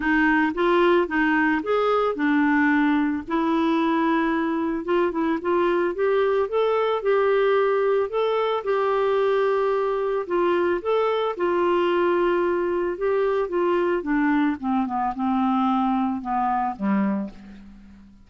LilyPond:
\new Staff \with { instrumentName = "clarinet" } { \time 4/4 \tempo 4 = 111 dis'4 f'4 dis'4 gis'4 | d'2 e'2~ | e'4 f'8 e'8 f'4 g'4 | a'4 g'2 a'4 |
g'2. f'4 | a'4 f'2. | g'4 f'4 d'4 c'8 b8 | c'2 b4 g4 | }